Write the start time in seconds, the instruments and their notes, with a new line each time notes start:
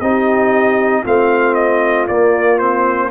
0.00 tuba C4, trombone D#4, horn G4, trumpet D#5
1.02 tuba A3, trombone C4, horn F4, trumpet F5
1.54 trumpet D#5
2.07 tuba A#3, trombone A#3, trumpet D5
2.58 trombone C4, trumpet C5